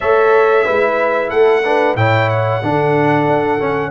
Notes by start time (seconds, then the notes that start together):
0.00 A3 A4 C#5 E5
0.64 G#3 E4 B4
1.29 A3 A4 F#5
1.64 D4 B4
1.95 A2 E4 C#5 G5
2.29 F#5
2.62 D3 D4 A4
3.27 D4
3.59 C#4